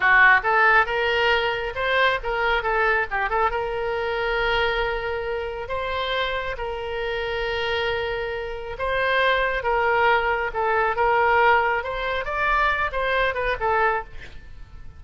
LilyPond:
\new Staff \with { instrumentName = "oboe" } { \time 4/4 \tempo 4 = 137 fis'4 a'4 ais'2 | c''4 ais'4 a'4 g'8 a'8 | ais'1~ | ais'4 c''2 ais'4~ |
ais'1 | c''2 ais'2 | a'4 ais'2 c''4 | d''4. c''4 b'8 a'4 | }